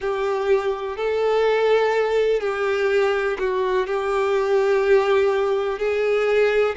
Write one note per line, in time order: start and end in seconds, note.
0.00 0.97 G4
0.97 2.40 A4
2.40 3.37 G4
3.39 3.87 F#4
3.87 5.78 G4
5.78 6.75 G#4